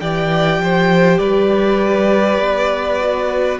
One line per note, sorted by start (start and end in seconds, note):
0.00 0.58 E3
0.00 3.01 G4
0.00 0.62 D5
0.00 1.18 G5
0.58 1.19 F3
0.58 1.20 C5
1.18 2.39 G3
1.18 3.60 B4
1.18 3.58 D5
2.39 3.59 B3
3.01 3.60 F#4